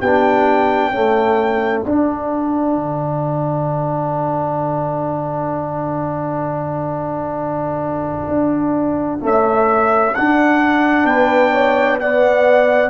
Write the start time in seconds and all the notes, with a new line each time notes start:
0.00 B3 D4 G4 G5
0.91 A3 C#4 A4
1.81 D4 F#5
1.89 D4
2.76 D3
8.28 D4
9.20 A3 C#4
9.26 E5
10.15 D4 F#5
11.05 B3 B4 G5
11.52 C#5
12.00 B3 D5 F#5